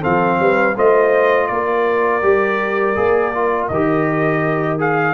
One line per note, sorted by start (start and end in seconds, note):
0.00 0.39 F3
0.00 0.74 C4
0.00 0.37 A4
0.00 0.77 F5
0.39 0.76 G3
0.39 0.76 B4
0.76 1.50 A3
0.76 2.21 F4
0.76 1.48 C5
0.76 1.46 D#5
1.46 2.22 A#3
1.46 5.14 A#4
1.46 3.66 D5
2.21 2.96 G3
2.21 2.95 G4
2.95 3.69 A#3
2.95 3.32 G#4
3.34 3.71 F4
3.68 5.14 D#3
3.68 4.78 G4
3.68 4.77 D#5
4.78 5.14 G#4
4.78 5.14 F5